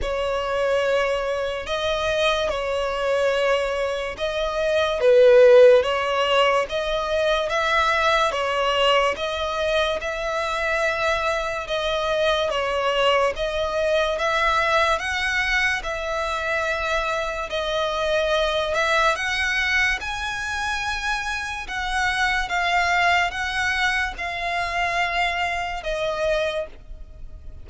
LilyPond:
\new Staff \with { instrumentName = "violin" } { \time 4/4 \tempo 4 = 72 cis''2 dis''4 cis''4~ | cis''4 dis''4 b'4 cis''4 | dis''4 e''4 cis''4 dis''4 | e''2 dis''4 cis''4 |
dis''4 e''4 fis''4 e''4~ | e''4 dis''4. e''8 fis''4 | gis''2 fis''4 f''4 | fis''4 f''2 dis''4 | }